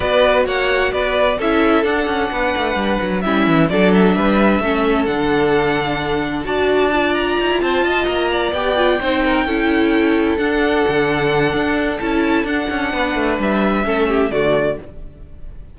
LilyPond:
<<
  \new Staff \with { instrumentName = "violin" } { \time 4/4 \tempo 4 = 130 d''4 fis''4 d''4 e''4 | fis''2. e''4 | d''8 e''2~ e''8 fis''4~ | fis''2 a''4. ais''8~ |
ais''8 a''4 ais''4 g''4.~ | g''2~ g''8 fis''4.~ | fis''2 a''4 fis''4~ | fis''4 e''2 d''4 | }
  \new Staff \with { instrumentName = "violin" } { \time 4/4 b'4 cis''4 b'4 a'4~ | a'4 b'2 e'4 | a'4 b'4 a'2~ | a'2 d''2~ |
d''8 c''8 dis''4 d''4. c''8 | ais'8 a'2.~ a'8~ | a'1 | b'2 a'8 g'8 fis'4 | }
  \new Staff \with { instrumentName = "viola" } { \time 4/4 fis'2. e'4 | d'2. cis'4 | d'2 cis'4 d'4~ | d'2 fis'4 f'4~ |
f'2~ f'8 g'8 f'8 dis'8~ | dis'8 e'2 d'4.~ | d'2 e'4 d'4~ | d'2 cis'4 a4 | }
  \new Staff \with { instrumentName = "cello" } { \time 4/4 b4 ais4 b4 cis'4 | d'8 cis'8 b8 a8 g8 fis8 g8 e8 | fis4 g4 a4 d4~ | d2 d'2 |
dis'16 e'16 c'8 f'8 ais4 b4 c'8~ | c'8 cis'2 d'4 d8~ | d4 d'4 cis'4 d'8 cis'8 | b8 a8 g4 a4 d4 | }
>>